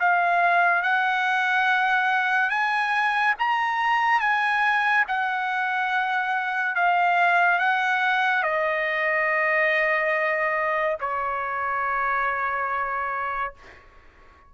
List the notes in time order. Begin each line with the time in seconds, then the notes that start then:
0.00 F5
0.83 F#5
2.50 G#5
3.39 A#5
4.20 G#5
5.08 F#5
6.75 F5
7.59 F#5
8.43 D#5
11.01 C#5